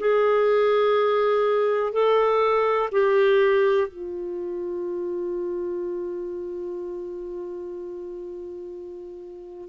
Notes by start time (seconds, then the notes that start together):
0.00 G#4
1.93 A4
2.92 G4
3.88 F4